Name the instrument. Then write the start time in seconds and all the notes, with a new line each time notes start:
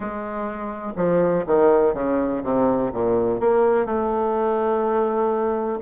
bassoon
0.00 G#3
0.96 F3
1.46 D#3
1.94 C#3
2.43 C3
2.93 A#2
3.40 A#3
3.85 A3